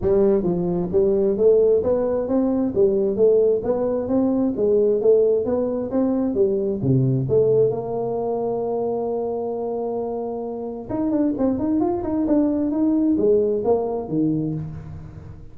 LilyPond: \new Staff \with { instrumentName = "tuba" } { \time 4/4 \tempo 4 = 132 g4 f4 g4 a4 | b4 c'4 g4 a4 | b4 c'4 gis4 a4 | b4 c'4 g4 c4 |
a4 ais2.~ | ais1 | dis'8 d'8 c'8 dis'8 f'8 dis'8 d'4 | dis'4 gis4 ais4 dis4 | }